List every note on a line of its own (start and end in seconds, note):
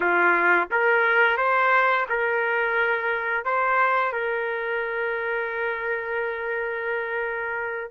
0.00 0.67 F4
0.71 1.37 A#4
1.37 2.06 C5
2.09 3.44 A#4
3.44 4.12 C5
4.12 7.90 A#4